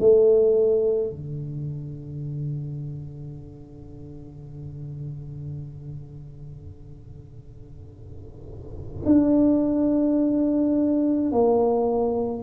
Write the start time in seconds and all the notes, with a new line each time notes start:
0.00 A3
1.10 D3
9.06 D4
11.32 A#3